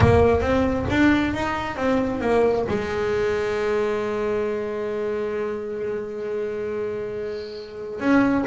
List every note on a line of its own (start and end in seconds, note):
0.00 0.41 A#3
0.41 0.85 C4
0.90 1.34 D4
1.34 1.76 D#4
1.76 2.20 C4
2.20 2.65 A#3
2.68 8.00 G#3
8.00 8.44 C#4